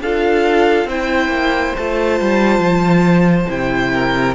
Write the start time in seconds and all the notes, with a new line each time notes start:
0.00 D4 F4 A4 F5
0.85 C4 E4 C5 G5
1.28 A#3
1.77 A3 F4 A5
2.20 G3
2.59 F3
3.48 C3 E4 G5
3.93 A#4